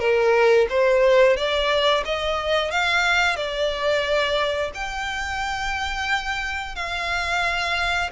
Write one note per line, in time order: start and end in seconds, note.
0.00 0.67 A#4
0.70 1.37 C5
1.37 2.04 D5
2.05 2.71 D#5
2.71 3.37 F5
3.37 4.72 D5
4.75 6.76 G5
6.76 8.11 F5